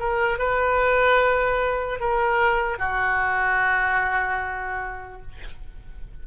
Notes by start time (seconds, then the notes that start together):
0.00 A#4
0.39 B4
2.00 A#4
2.79 F#4